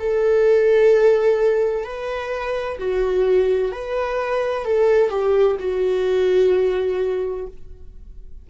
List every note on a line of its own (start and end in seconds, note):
0.00 1.85 A4
1.85 2.79 B4
2.79 3.72 F#4
3.72 4.66 B4
4.66 5.11 A4
5.11 5.57 G4
5.60 7.47 F#4